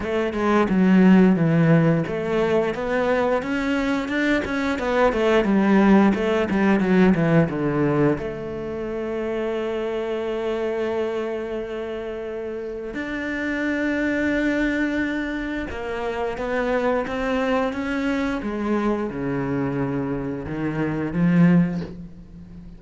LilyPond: \new Staff \with { instrumentName = "cello" } { \time 4/4 \tempo 4 = 88 a8 gis8 fis4 e4 a4 | b4 cis'4 d'8 cis'8 b8 a8 | g4 a8 g8 fis8 e8 d4 | a1~ |
a2. d'4~ | d'2. ais4 | b4 c'4 cis'4 gis4 | cis2 dis4 f4 | }